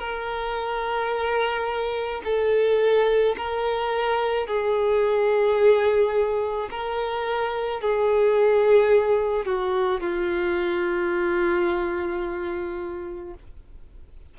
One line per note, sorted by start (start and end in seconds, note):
0.00 2.22 A#4
2.25 3.36 A4
3.38 4.47 A#4
4.47 6.69 G#4
6.71 7.81 A#4
7.81 9.46 G#4
9.46 10.01 F#4
10.01 13.34 F4